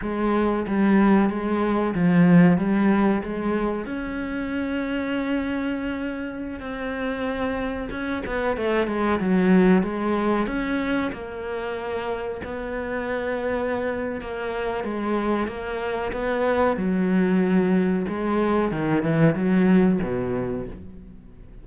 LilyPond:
\new Staff \with { instrumentName = "cello" } { \time 4/4 \tempo 4 = 93 gis4 g4 gis4 f4 | g4 gis4 cis'2~ | cis'2~ cis'16 c'4.~ c'16~ | c'16 cis'8 b8 a8 gis8 fis4 gis8.~ |
gis16 cis'4 ais2 b8.~ | b2 ais4 gis4 | ais4 b4 fis2 | gis4 dis8 e8 fis4 b,4 | }